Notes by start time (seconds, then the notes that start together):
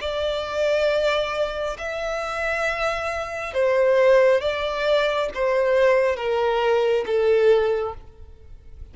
0.00 D5
1.78 E5
3.53 C5
4.41 D5
5.34 C5
6.16 A#4
7.06 A4